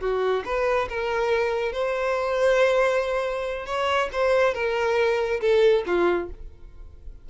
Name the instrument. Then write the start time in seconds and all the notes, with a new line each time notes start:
violin
0.00 F#4
0.45 B4
0.89 A#4
1.72 C5
3.66 C#5
4.12 C5
4.54 A#4
5.41 A4
5.86 F4